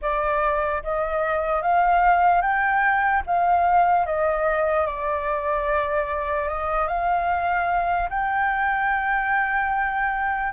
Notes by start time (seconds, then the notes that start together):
0.01 D5
0.83 D#5
1.61 F5
2.41 G5
3.26 F5
4.06 D#5
4.86 D5
6.48 D#5
6.87 F5
8.09 G5